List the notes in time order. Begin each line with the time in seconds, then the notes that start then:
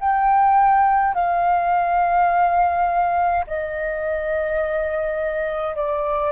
0.00 G5
1.14 F5
3.47 D#5
5.76 D5